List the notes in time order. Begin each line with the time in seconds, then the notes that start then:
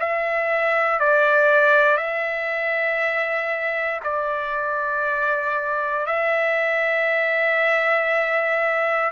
0.00 E5
1.00 D5
1.97 E5
4.04 D5
6.07 E5